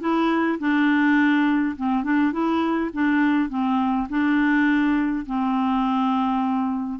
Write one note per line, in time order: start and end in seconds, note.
0.00 0.58 E4
0.59 1.76 D4
1.76 2.04 C4
2.04 2.32 D4
2.32 2.90 E4
2.93 3.49 D4
3.49 4.07 C4
4.09 5.25 D4
5.26 7.00 C4